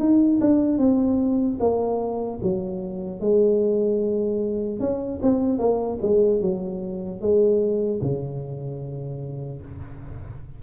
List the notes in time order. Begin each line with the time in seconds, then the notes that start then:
0.00 D#4
0.41 D4
0.79 C4
1.60 A#3
2.43 F#3
3.20 G#3
4.80 C#4
5.23 C4
5.59 A#3
6.02 G#3
6.41 F#3
7.21 G#3
8.02 C#3